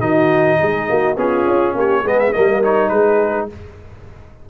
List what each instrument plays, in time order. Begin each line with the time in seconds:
0.00 tuba D#3, trombone D#4, horn F#4, trumpet D#5
0.60 tuba G#3, horn G#4
0.89 tuba A#3, horn F#4
1.17 tuba B3, trombone C#4, horn F4, trumpet G#4
1.47 tuba C#4
1.75 tuba A#3, horn G4, trumpet C#5
2.02 tuba G#3, trombone B3, horn G#4, trumpet D#5
2.19 trumpet E5
2.33 tuba G3, trombone A#3, horn A#4, trumpet D#5
2.63 trombone D#4, trumpet C#5
2.89 tuba G#3, horn G#4, trumpet B4